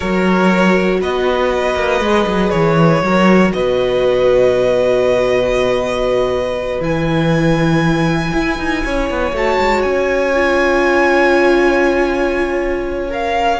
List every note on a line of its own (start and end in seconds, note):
0.00 1.01 F#3
0.00 2.02 F#4
0.00 0.98 A#4
0.00 1.00 C#5
1.01 1.75 B3
1.01 3.02 B4
1.01 2.50 D#5
1.75 2.00 A#3
2.00 2.25 G#3
2.00 3.03 G#4
2.26 2.52 F#3
2.50 3.02 E3
2.50 3.51 C#5
3.02 3.52 F#3
3.02 6.79 F#4
3.02 3.54 A#4
3.53 6.80 B2
3.53 8.84 B4
3.53 6.80 D#5
6.79 8.32 E3
6.79 9.31 E4
6.79 9.35 G#5
8.33 8.58 E4
8.58 8.83 D#4
8.84 9.10 C#4
8.84 13.60 C#5
9.10 9.32 B3
9.32 9.57 A3
9.32 10.33 F#4
9.32 9.82 A5
9.59 9.84 G#3
9.82 13.60 C#4
9.82 13.10 G#5
10.33 13.09 F4
13.09 13.59 A#4
13.09 13.60 F5